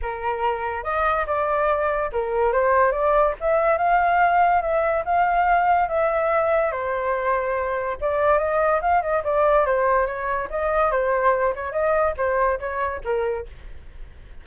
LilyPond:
\new Staff \with { instrumentName = "flute" } { \time 4/4 \tempo 4 = 143 ais'2 dis''4 d''4~ | d''4 ais'4 c''4 d''4 | e''4 f''2 e''4 | f''2 e''2 |
c''2. d''4 | dis''4 f''8 dis''8 d''4 c''4 | cis''4 dis''4 c''4. cis''8 | dis''4 c''4 cis''4 ais'4 | }